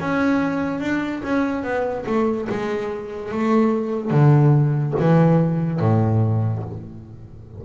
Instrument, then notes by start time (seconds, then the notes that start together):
double bass
0.00 C#4
0.80 D4
1.23 C#4
1.63 B3
2.06 A3
2.49 G#3
3.31 A3
4.10 D3
4.99 E3
5.80 A2